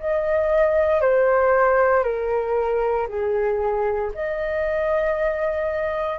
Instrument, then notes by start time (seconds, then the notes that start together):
flute
0.00 D#5
1.02 C5
2.04 A#4
3.08 G#4
4.14 D#5